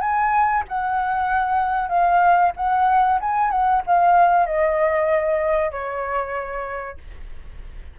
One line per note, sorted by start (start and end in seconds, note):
0.00 0.63 G#5
0.68 1.89 F#5
1.89 2.52 F5
2.56 3.19 F#5
3.20 3.51 G#5
3.51 3.82 F#5
3.86 4.46 F5
4.46 5.71 D#5
5.71 6.97 C#5